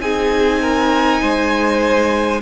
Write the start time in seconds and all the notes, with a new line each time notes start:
0.00 C4 D#4 G#4 G#5
0.62 A#4
1.21 G#3 C5